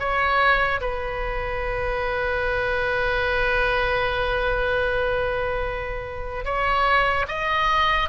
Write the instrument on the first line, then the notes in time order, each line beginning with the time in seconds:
oboe
0.00 C#5
0.81 B4
6.45 C#5
7.29 D#5